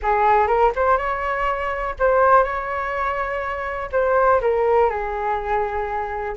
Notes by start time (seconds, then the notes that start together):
0.02 G#4
0.47 A#4
0.75 C5
0.97 C#5
1.99 C5
2.43 C#5
3.92 C5
4.41 A#4
4.89 G#4